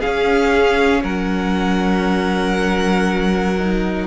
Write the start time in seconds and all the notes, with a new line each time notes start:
0.00 C#4 G#4 F5
1.03 F#3 A#4 F#5
3.59 D#4